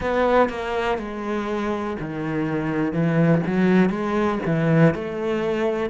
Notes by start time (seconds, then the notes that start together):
0.00 B3
0.49 A#3
0.98 G#3
2.00 D#3
2.92 E3
3.46 F#3
3.89 G#3
4.45 E3
4.94 A3